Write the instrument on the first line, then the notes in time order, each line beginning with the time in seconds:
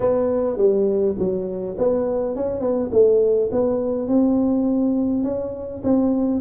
tuba
0.00 B3
0.57 G3
1.18 F#3
1.78 B3
2.35 C#4
2.60 B3
2.91 A3
3.51 B3
4.08 C4
5.23 C#4
5.83 C4